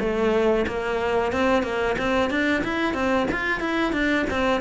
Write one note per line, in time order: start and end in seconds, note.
0.00 0.66 A3
0.67 1.32 A#3
1.32 1.63 C4
1.63 1.96 A#3
1.98 2.30 C4
2.30 2.63 D4
2.64 2.94 E4
2.94 3.27 C4
3.31 3.60 F4
3.60 3.93 E4
3.93 4.26 D4
4.30 4.61 C4